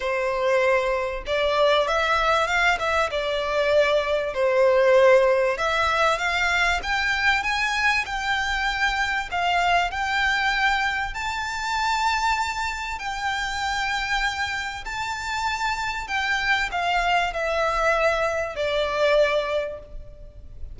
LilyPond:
\new Staff \with { instrumentName = "violin" } { \time 4/4 \tempo 4 = 97 c''2 d''4 e''4 | f''8 e''8 d''2 c''4~ | c''4 e''4 f''4 g''4 | gis''4 g''2 f''4 |
g''2 a''2~ | a''4 g''2. | a''2 g''4 f''4 | e''2 d''2 | }